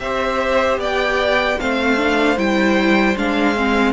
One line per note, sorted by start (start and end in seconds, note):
0.00 0.77 C4
0.00 1.60 G4
0.00 0.80 C5
0.00 0.79 E5
0.77 1.56 B3
0.77 1.59 D5
0.77 1.60 G5
1.60 2.37 A3
1.60 1.97 C4
1.60 3.93 C5
1.60 2.38 F5
1.97 2.37 D4
2.37 3.15 G3
2.37 3.16 E4
2.37 3.17 G5
3.17 3.93 G#3
3.17 3.55 D4
3.17 3.93 F5
3.55 3.93 C4